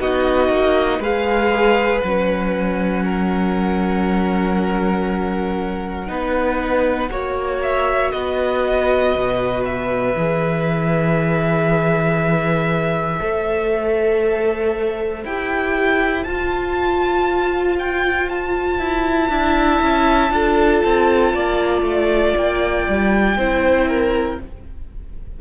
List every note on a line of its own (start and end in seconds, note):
0.00 0.50 B3
0.00 1.02 D#4
0.00 1.00 F#4
0.00 1.03 D#5
0.50 0.99 A#3
0.99 2.01 G#3
0.99 2.03 G#4
0.99 3.03 B4
0.99 2.01 F5
2.01 6.09 F#3
2.01 6.07 C#4
2.01 7.60 F#5
3.05 6.09 A#4
6.07 7.10 B3
6.07 7.09 D#4
6.07 7.10 B4
7.10 8.12 A#3
7.10 10.17 F#4
7.10 8.13 C#5
7.63 8.11 E5
8.11 9.15 B3
8.11 13.22 B4
8.11 9.64 D#5
9.15 10.15 B2
9.65 15.25 E5
10.15 13.20 E3
10.15 13.21 G#4
13.21 15.25 A3
13.21 15.24 A4
13.21 19.30 C5
15.25 16.26 E4
15.25 16.27 G4
15.25 16.24 G5
16.24 18.79 F4
16.24 19.30 F4
16.24 17.76 A5
17.79 18.30 G5
18.30 22.36 A5
18.79 19.30 E4
19.30 19.81 D4
19.30 20.32 E4
19.30 20.32 E5
19.81 20.31 C#4
20.31 20.82 D4
20.31 23.37 F4
20.31 21.34 A4
20.86 21.34 C4
21.34 21.82 A#3
21.34 23.38 D5
21.82 22.33 A3
22.37 22.88 A#3
22.37 24.40 G5
22.89 23.37 G3
23.37 24.39 C4
23.37 24.41 E4
23.37 23.89 C5
23.89 24.39 A#4